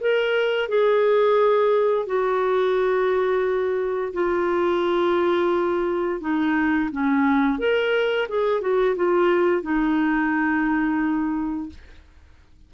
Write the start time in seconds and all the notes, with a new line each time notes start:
0.00 A#4
0.68 G#4
2.06 F#4
4.13 F4
6.20 D#4
6.91 C#4
7.59 A#4
8.29 G#4
8.61 F#4
8.96 F4
9.62 D#4